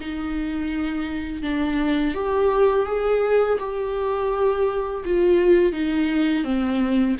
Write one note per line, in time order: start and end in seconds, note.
0.00 1.42 D#4
1.42 2.14 D4
2.14 2.86 G4
2.86 3.58 G#4
3.59 5.03 G4
5.05 5.72 F4
5.72 6.44 D#4
6.44 7.16 C4